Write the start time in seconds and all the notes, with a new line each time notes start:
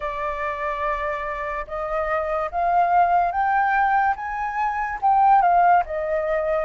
0.00 D5
1.67 D#5
2.51 F5
3.31 G5
4.16 G#5
5.01 G5
5.41 F5
5.85 D#5